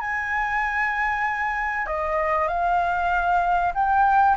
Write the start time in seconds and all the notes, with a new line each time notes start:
0.00 G#5
1.86 D#5
2.48 F5
3.74 G5